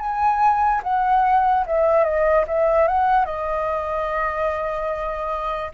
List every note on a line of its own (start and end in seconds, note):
0.00 0.82 G#5
0.84 1.66 F#5
1.67 2.04 E5
2.04 2.45 D#5
2.47 2.88 E5
2.88 3.25 F#5
3.25 5.72 D#5